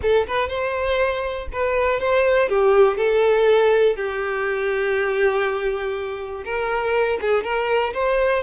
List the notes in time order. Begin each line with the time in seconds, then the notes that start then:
0.02 A4
0.27 B4
0.48 C5
1.52 B4
2.00 C5
2.49 G4
2.97 A4
3.96 G4
6.44 A#4
7.21 G#4
7.43 A#4
7.93 C5